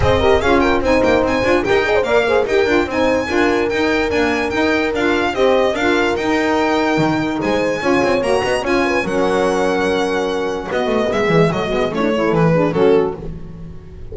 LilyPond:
<<
  \new Staff \with { instrumentName = "violin" } { \time 4/4 \tempo 4 = 146 dis''4 f''8 g''8 gis''8 g''8 gis''4 | g''4 f''4 g''4 gis''4~ | gis''4 g''4 gis''4 g''4 | f''4 dis''4 f''4 g''4~ |
g''2 gis''2 | ais''4 gis''4 fis''2~ | fis''2 dis''4 e''4 | dis''4 cis''4 b'4 a'4 | }
  \new Staff \with { instrumentName = "horn" } { \time 4/4 c''8 ais'8 gis'8 ais'8 c''2 | ais'8 dis''16 c''16 d''8 c''8 ais'4 c''4 | ais'1~ | ais'4 c''4 ais'2~ |
ais'2 c''4 cis''4~ | cis''8 dis''8 cis''8 b'8 ais'2~ | ais'2 fis'4 gis'4 | fis'4 e'8 a'4 gis'8 fis'4 | }
  \new Staff \with { instrumentName = "saxophone" } { \time 4/4 gis'8 g'8 f'4 dis'4. f'8 | g'8 gis'8 ais'8 gis'8 g'8 f'8 dis'4 | f'4 dis'4 ais4 dis'4 | f'4 g'4 f'4 dis'4~ |
dis'2. f'4 | fis'4 f'4 cis'2~ | cis'2 b4. gis8 | a8 b8 cis'16 d'16 e'4 d'8 cis'4 | }
  \new Staff \with { instrumentName = "double bass" } { \time 4/4 c'4 cis'4 c'8 ais8 c'8 d'8 | dis'4 ais4 dis'8 d'8 c'4 | d'4 dis'4 d'4 dis'4 | d'4 c'4 d'4 dis'4~ |
dis'4 dis4 gis4 cis'8 c'8 | ais8 b8 cis'4 fis2~ | fis2 b8 a8 gis8 e8 | fis8 gis8 a4 e4 fis4 | }
>>